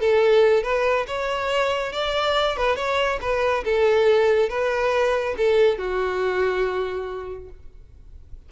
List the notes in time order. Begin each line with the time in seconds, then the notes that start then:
0.00 A4
0.63 B4
1.07 C#5
1.93 D5
2.57 B4
2.76 C#5
3.21 B4
3.64 A4
4.50 B4
5.37 A4
5.78 F#4